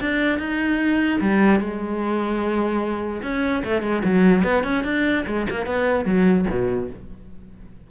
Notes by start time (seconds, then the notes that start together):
0.00 D4
0.39 D#4
1.20 G3
1.60 G#3
3.22 C#4
3.64 A3
3.82 G#3
4.04 F#3
4.43 B3
4.63 C#4
4.84 D4
5.26 G#3
5.50 A#3
5.66 B3
6.05 F#3
6.50 B2